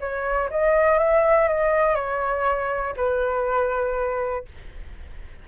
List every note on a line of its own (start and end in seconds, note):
0.00 0.50 C#5
0.50 0.98 D#5
0.98 1.48 E5
1.48 1.95 D#5
1.95 2.94 C#5
2.96 4.45 B4